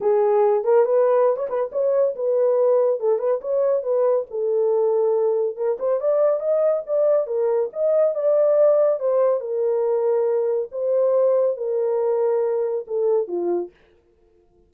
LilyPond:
\new Staff \with { instrumentName = "horn" } { \time 4/4 \tempo 4 = 140 gis'4. ais'8 b'4~ b'16 cis''16 b'8 | cis''4 b'2 a'8 b'8 | cis''4 b'4 a'2~ | a'4 ais'8 c''8 d''4 dis''4 |
d''4 ais'4 dis''4 d''4~ | d''4 c''4 ais'2~ | ais'4 c''2 ais'4~ | ais'2 a'4 f'4 | }